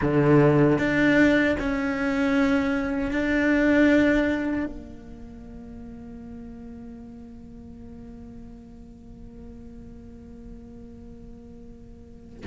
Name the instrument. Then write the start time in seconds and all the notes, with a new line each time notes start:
cello
0.01 D3
0.78 D4
1.59 C#4
3.11 D4
4.65 A#3